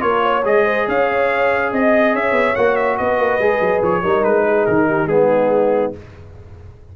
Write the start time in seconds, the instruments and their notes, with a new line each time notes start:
0.00 tuba A#3, trombone F4, horn A#4, trumpet C#5
0.23 horn C#5
0.44 tuba G#3, trombone G#4, trumpet D#5
0.65 horn C5
0.88 tuba C#4, horn C#5, trumpet F5
1.71 tuba C4, horn D#5, trumpet D#5
2.13 tuba C#4, horn C#5, trumpet E5
2.32 tuba B3
2.55 tuba A#3, trombone F#4, trumpet F#5
2.76 trumpet E5
2.97 tuba B3, horn B4, trumpet D#5
3.18 tuba A#3
3.39 tuba G#3, trombone G#4
3.60 tuba F#3
3.82 tuba F3, trumpet C#5
4.03 tuba G3, trombone D#4, horn A#4
4.24 tuba G#3, trumpet B4
4.47 horn G#4
4.66 tuba D#3, trumpet A#4
4.88 horn G4
5.06 tuba G#3, trombone B3, horn D#4, trumpet G#4